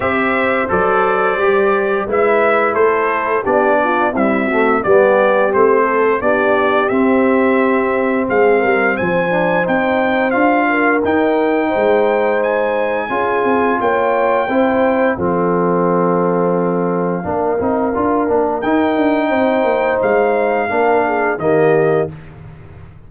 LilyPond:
<<
  \new Staff \with { instrumentName = "trumpet" } { \time 4/4 \tempo 4 = 87 e''4 d''2 e''4 | c''4 d''4 e''4 d''4 | c''4 d''4 e''2 | f''4 gis''4 g''4 f''4 |
g''2 gis''2 | g''2 f''2~ | f''2. g''4~ | g''4 f''2 dis''4 | }
  \new Staff \with { instrumentName = "horn" } { \time 4/4 c''2. b'4 | a'4 g'8 f'8 e'8 fis'8 g'4~ | g'8 a'8 g'2. | gis'8 ais'8 c''2~ c''8 ais'8~ |
ais'4 c''2 gis'4 | cis''4 c''4 a'2~ | a'4 ais'2. | c''2 ais'8 gis'8 g'4 | }
  \new Staff \with { instrumentName = "trombone" } { \time 4/4 g'4 a'4 g'4 e'4~ | e'4 d'4 g8 a8 b4 | c'4 d'4 c'2~ | c'4. d'8 dis'4 f'4 |
dis'2. f'4~ | f'4 e'4 c'2~ | c'4 d'8 dis'8 f'8 d'8 dis'4~ | dis'2 d'4 ais4 | }
  \new Staff \with { instrumentName = "tuba" } { \time 4/4 c'4 fis4 g4 gis4 | a4 b4 c'4 g4 | a4 b4 c'2 | gis8 g8 f4 c'4 d'4 |
dis'4 gis2 cis'8 c'8 | ais4 c'4 f2~ | f4 ais8 c'8 d'8 ais8 dis'8 d'8 | c'8 ais8 gis4 ais4 dis4 | }
>>